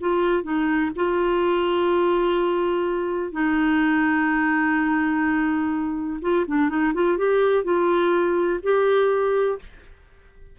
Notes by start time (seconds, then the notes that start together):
0.00 F4
0.43 D#4
0.95 F4
3.31 D#4
6.21 F4
6.47 D4
6.69 D#4
6.94 F4
7.17 G4
7.63 F4
8.62 G4